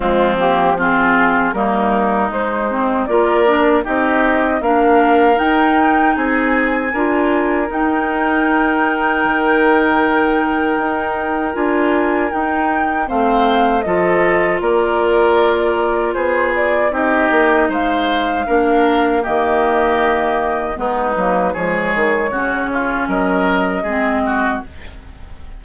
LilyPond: <<
  \new Staff \with { instrumentName = "flute" } { \time 4/4 \tempo 4 = 78 f'8 g'8 gis'4 ais'4 c''4 | d''4 dis''4 f''4 g''4 | gis''2 g''2~ | g''2. gis''4 |
g''4 f''4 dis''4 d''4~ | d''4 c''8 d''8 dis''4 f''4~ | f''4 dis''2 b'4 | cis''2 dis''2 | }
  \new Staff \with { instrumentName = "oboe" } { \time 4/4 c'4 f'4 dis'2 | ais'4 g'4 ais'2 | gis'4 ais'2.~ | ais'1~ |
ais'4 c''4 a'4 ais'4~ | ais'4 gis'4 g'4 c''4 | ais'4 g'2 dis'4 | gis'4 fis'8 f'8 ais'4 gis'8 fis'8 | }
  \new Staff \with { instrumentName = "clarinet" } { \time 4/4 gis8 ais8 c'4 ais4 gis8 c'8 | f'8 d'8 dis'4 d'4 dis'4~ | dis'4 f'4 dis'2~ | dis'2. f'4 |
dis'4 c'4 f'2~ | f'2 dis'2 | d'4 ais2 b8 ais8 | gis4 cis'2 c'4 | }
  \new Staff \with { instrumentName = "bassoon" } { \time 4/4 f2 g4 gis4 | ais4 c'4 ais4 dis'4 | c'4 d'4 dis'2 | dis2 dis'4 d'4 |
dis'4 a4 f4 ais4~ | ais4 b4 c'8 ais8 gis4 | ais4 dis2 gis8 fis8 | f8 dis8 cis4 fis4 gis4 | }
>>